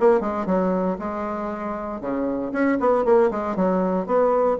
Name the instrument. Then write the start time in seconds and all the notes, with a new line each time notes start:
bassoon
0.00 A#3
0.20 G#3
0.46 F#3
0.99 G#3
2.01 C#3
2.52 C#4
2.80 B3
3.05 A#3
3.31 G#3
3.56 F#3
4.06 B3